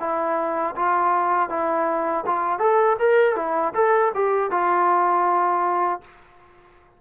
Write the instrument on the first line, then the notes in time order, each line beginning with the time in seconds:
trombone
0.00 E4
0.76 F4
1.50 E4
2.27 F4
2.59 A4
2.99 A#4
3.36 E4
3.75 A4
4.15 G4
4.51 F4